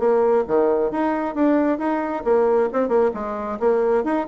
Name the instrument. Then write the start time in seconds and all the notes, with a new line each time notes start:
bassoon
0.00 A#3
0.48 D#3
0.92 D#4
1.35 D4
1.79 D#4
2.25 A#3
2.73 C4
2.89 A#3
3.15 G#3
3.60 A#3
4.04 D#4